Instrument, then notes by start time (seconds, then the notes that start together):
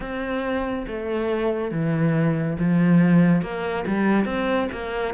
cello
0.00 C4
0.86 A3
1.71 E3
2.59 F3
3.41 A#3
3.86 G3
4.25 C4
4.71 A#3